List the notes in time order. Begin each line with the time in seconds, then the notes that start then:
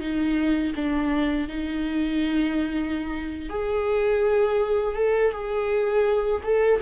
0.00 D#4
0.75 D4
1.48 D#4
3.49 G#4
4.95 A4
5.31 G#4
6.43 A4